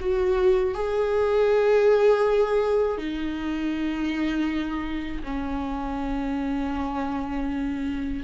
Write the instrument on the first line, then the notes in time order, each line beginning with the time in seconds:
viola
0.00 F#4
0.75 G#4
2.98 D#4
5.24 C#4